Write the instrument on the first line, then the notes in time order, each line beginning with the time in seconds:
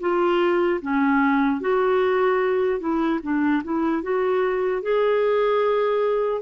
clarinet
0.00 F4
0.81 C#4
1.61 F#4
2.80 E4
3.23 D4
3.64 E4
4.03 F#4
4.83 G#4